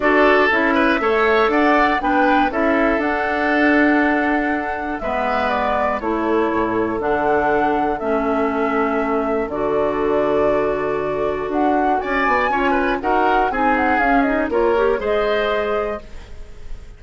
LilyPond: <<
  \new Staff \with { instrumentName = "flute" } { \time 4/4 \tempo 4 = 120 d''4 e''2 fis''4 | g''4 e''4 fis''2~ | fis''2 e''4 d''4 | cis''2 fis''2 |
e''2. d''4~ | d''2. fis''4 | gis''2 fis''4 gis''8 fis''8 | f''8 dis''8 cis''4 dis''2 | }
  \new Staff \with { instrumentName = "oboe" } { \time 4/4 a'4. b'8 cis''4 d''4 | b'4 a'2.~ | a'2 b'2 | a'1~ |
a'1~ | a'1 | d''4 cis''8 b'8 ais'4 gis'4~ | gis'4 ais'4 c''2 | }
  \new Staff \with { instrumentName = "clarinet" } { \time 4/4 fis'4 e'4 a'2 | d'4 e'4 d'2~ | d'2 b2 | e'2 d'2 |
cis'2. fis'4~ | fis'1~ | fis'4 f'4 fis'4 dis'4 | cis'8 dis'8 f'8 g'8 gis'2 | }
  \new Staff \with { instrumentName = "bassoon" } { \time 4/4 d'4 cis'4 a4 d'4 | b4 cis'4 d'2~ | d'2 gis2 | a4 a,4 d2 |
a2. d4~ | d2. d'4 | cis'8 b8 cis'4 dis'4 c'4 | cis'4 ais4 gis2 | }
>>